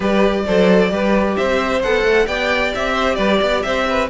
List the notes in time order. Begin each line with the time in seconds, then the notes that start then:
0.00 G3 G4 B4 D5
0.46 F#3 A4 C5
0.89 G3 G4 B4
1.36 C4 C5 E5
1.82 B3 A4 F#5
2.03 A3
2.26 B3 G4 D5 G5
2.74 C4 E5
2.92 C5
3.15 G3 B4 D5
3.41 B3 D5
3.62 C4 C5 E5
3.89 B4